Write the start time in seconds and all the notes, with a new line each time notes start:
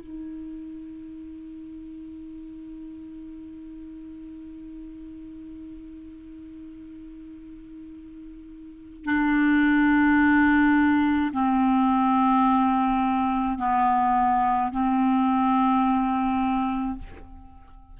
0.00 D#4
9.05 D4
11.32 C4
13.58 B3
14.71 C4